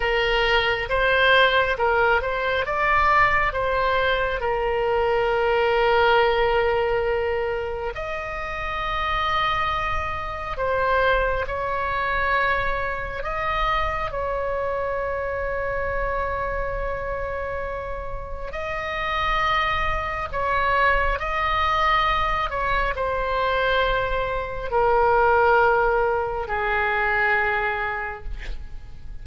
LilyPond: \new Staff \with { instrumentName = "oboe" } { \time 4/4 \tempo 4 = 68 ais'4 c''4 ais'8 c''8 d''4 | c''4 ais'2.~ | ais'4 dis''2. | c''4 cis''2 dis''4 |
cis''1~ | cis''4 dis''2 cis''4 | dis''4. cis''8 c''2 | ais'2 gis'2 | }